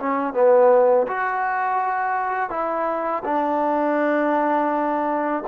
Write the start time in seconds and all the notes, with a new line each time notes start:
0.00 C#4
0.34 B3
1.08 F#4
2.51 E4
3.25 D4